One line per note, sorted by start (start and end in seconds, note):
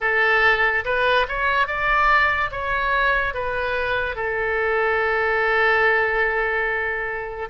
0.00 0.84 A4
0.84 1.26 B4
1.28 1.67 C#5
1.67 2.50 D5
2.51 3.34 C#5
3.34 4.15 B4
4.15 7.48 A4